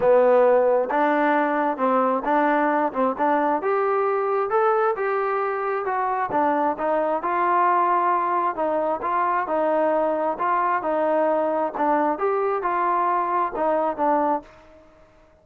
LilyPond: \new Staff \with { instrumentName = "trombone" } { \time 4/4 \tempo 4 = 133 b2 d'2 | c'4 d'4. c'8 d'4 | g'2 a'4 g'4~ | g'4 fis'4 d'4 dis'4 |
f'2. dis'4 | f'4 dis'2 f'4 | dis'2 d'4 g'4 | f'2 dis'4 d'4 | }